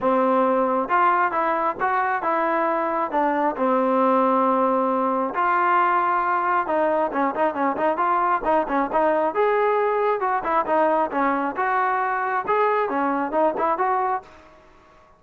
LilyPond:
\new Staff \with { instrumentName = "trombone" } { \time 4/4 \tempo 4 = 135 c'2 f'4 e'4 | fis'4 e'2 d'4 | c'1 | f'2. dis'4 |
cis'8 dis'8 cis'8 dis'8 f'4 dis'8 cis'8 | dis'4 gis'2 fis'8 e'8 | dis'4 cis'4 fis'2 | gis'4 cis'4 dis'8 e'8 fis'4 | }